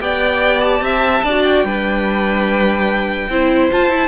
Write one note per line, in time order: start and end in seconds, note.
0.00 0.81 B3
0.00 1.23 G4
0.00 0.83 D5
0.00 0.60 G5
0.60 1.42 A5
0.81 1.22 C4
0.81 1.24 E5
1.23 1.64 D4
1.23 1.66 F#4
1.23 1.65 D5
1.43 3.69 G5
1.64 3.28 G3
1.64 3.30 D4
1.64 3.29 B4
3.29 3.70 C4
3.29 3.72 E4
3.29 4.08 C5
3.72 3.90 F4
3.72 3.89 F4
3.72 4.08 A5
3.89 4.08 E4